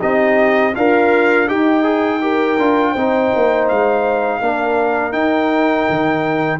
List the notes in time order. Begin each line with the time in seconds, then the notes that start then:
0.00 C4 D#4 G4 D#5
0.75 D4 F4 A#4 F5
1.48 D#4 G4 G5
1.84 G#4
2.21 G4 A#4
2.59 D4 F4
2.92 C4 D#4 C5
3.36 A#3
3.69 G#3 F5
4.41 A#3 D4 A#4
5.13 D#4 G5
5.90 D#3